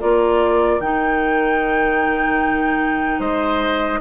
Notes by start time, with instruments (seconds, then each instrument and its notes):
0.00 bassoon A#3, clarinet F4, oboe A#4, flute D5
0.80 bassoon D#3, clarinet D#4, flute G5
3.20 bassoon G#3, oboe C5, flute D#5